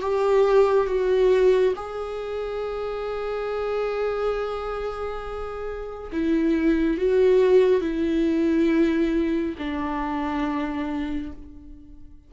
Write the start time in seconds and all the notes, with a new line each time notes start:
0.00 G4
0.87 F#4
1.75 G#4
6.12 E4
6.97 F#4
7.81 E4
9.58 D4